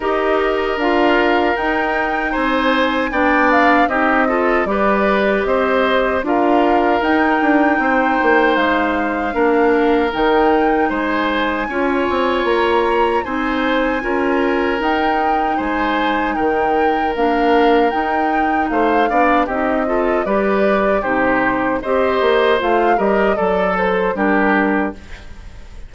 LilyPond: <<
  \new Staff \with { instrumentName = "flute" } { \time 4/4 \tempo 4 = 77 dis''4 f''4 g''4 gis''4 | g''8 f''8 dis''4 d''4 dis''4 | f''4 g''2 f''4~ | f''4 g''4 gis''2 |
ais''4 gis''2 g''4 | gis''4 g''4 f''4 g''4 | f''4 dis''4 d''4 c''4 | dis''4 f''8 dis''8 d''8 c''8 ais'4 | }
  \new Staff \with { instrumentName = "oboe" } { \time 4/4 ais'2. c''4 | d''4 g'8 a'8 b'4 c''4 | ais'2 c''2 | ais'2 c''4 cis''4~ |
cis''4 c''4 ais'2 | c''4 ais'2. | c''8 d''8 g'8 a'8 b'4 g'4 | c''4. ais'8 a'4 g'4 | }
  \new Staff \with { instrumentName = "clarinet" } { \time 4/4 g'4 f'4 dis'2 | d'4 dis'8 f'8 g'2 | f'4 dis'2. | d'4 dis'2 f'4~ |
f'4 dis'4 f'4 dis'4~ | dis'2 d'4 dis'4~ | dis'8 d'8 dis'8 f'8 g'4 dis'4 | g'4 f'8 g'8 a'4 d'4 | }
  \new Staff \with { instrumentName = "bassoon" } { \time 4/4 dis'4 d'4 dis'4 c'4 | b4 c'4 g4 c'4 | d'4 dis'8 d'8 c'8 ais8 gis4 | ais4 dis4 gis4 cis'8 c'8 |
ais4 c'4 cis'4 dis'4 | gis4 dis4 ais4 dis'4 | a8 b8 c'4 g4 c4 | c'8 ais8 a8 g8 fis4 g4 | }
>>